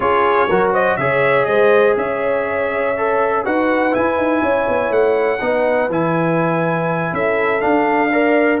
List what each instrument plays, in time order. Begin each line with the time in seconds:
0.00 tuba C#4, trombone F4, horn G#4, trumpet C#5
0.49 tuba F#3, trombone F#4, horn A#4
0.72 horn C5, trumpet D#5
0.97 tuba C#3, trombone G#4, horn C#5, trumpet E5
1.45 tuba G#3, horn C5, trumpet D#5
1.96 tuba C#4, horn C#5, trumpet E5
2.96 trombone A4
3.44 tuba D#4, trombone F#4, horn B4, trumpet F#5
3.91 trombone E4, tuba E4, trumpet G#5
4.17 tuba D#4
4.41 tuba C#4, horn C#5
4.68 tuba B3
4.90 tuba A3, trumpet F#5
5.40 tuba B3, trombone D#4, horn B4
5.88 tuba E3, trombone E4, trumpet G#5
7.12 tuba C#4, horn A4, trumpet E5
7.60 trombone D4, tuba D4, trumpet F5
8.11 trombone A#4, horn D5